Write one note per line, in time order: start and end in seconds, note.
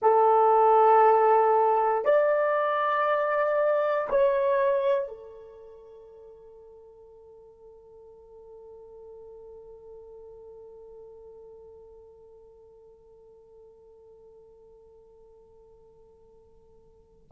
0.02 2.04 A4
2.04 4.08 D5
4.09 5.08 C#5
5.08 17.28 A4